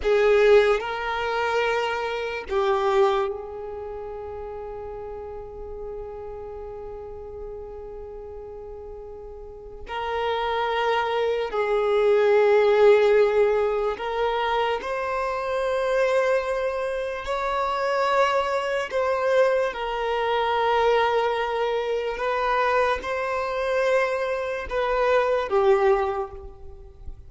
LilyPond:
\new Staff \with { instrumentName = "violin" } { \time 4/4 \tempo 4 = 73 gis'4 ais'2 g'4 | gis'1~ | gis'1 | ais'2 gis'2~ |
gis'4 ais'4 c''2~ | c''4 cis''2 c''4 | ais'2. b'4 | c''2 b'4 g'4 | }